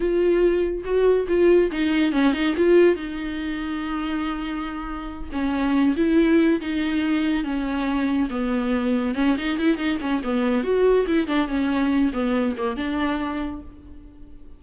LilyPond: \new Staff \with { instrumentName = "viola" } { \time 4/4 \tempo 4 = 141 f'2 fis'4 f'4 | dis'4 cis'8 dis'8 f'4 dis'4~ | dis'1~ | dis'8 cis'4. e'4. dis'8~ |
dis'4. cis'2 b8~ | b4. cis'8 dis'8 e'8 dis'8 cis'8 | b4 fis'4 e'8 d'8 cis'4~ | cis'8 b4 ais8 d'2 | }